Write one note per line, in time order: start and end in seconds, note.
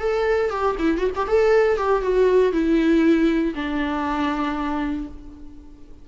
0.00 0.51 A4
0.51 0.76 G4
0.79 0.98 E4
0.98 1.11 F#4
1.16 1.28 G4
1.28 1.78 A4
1.78 2.02 G4
2.02 2.53 F#4
2.53 3.54 E4
3.55 5.08 D4